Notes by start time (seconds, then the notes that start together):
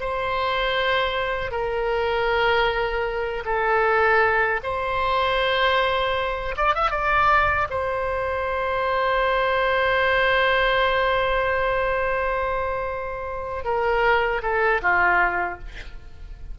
0.00 C5
1.51 A#4
3.45 A4
4.63 C5
6.57 D5
6.75 E5
6.91 D5
7.70 C5
13.65 A#4
14.43 A4
14.82 F4